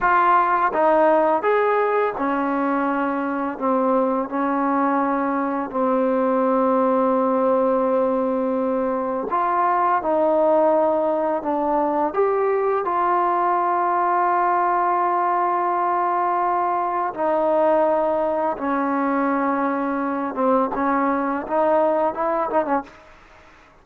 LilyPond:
\new Staff \with { instrumentName = "trombone" } { \time 4/4 \tempo 4 = 84 f'4 dis'4 gis'4 cis'4~ | cis'4 c'4 cis'2 | c'1~ | c'4 f'4 dis'2 |
d'4 g'4 f'2~ | f'1 | dis'2 cis'2~ | cis'8 c'8 cis'4 dis'4 e'8 dis'16 cis'16 | }